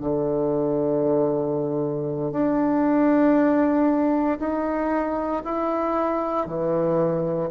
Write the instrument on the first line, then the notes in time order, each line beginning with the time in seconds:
bassoon
0.00 D3
2.32 D4
4.39 D#4
5.45 E4
6.47 E3